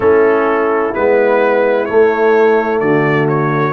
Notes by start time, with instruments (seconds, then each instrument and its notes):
0.00 tuba A3, trombone C#4, horn E4, trumpet A4
0.94 tuba G#3, trombone B3, trumpet B4
1.85 trombone A3, tuba A3, trumpet C#5
2.79 tuba D3, horn F#4, trumpet D5
3.28 trumpet C#5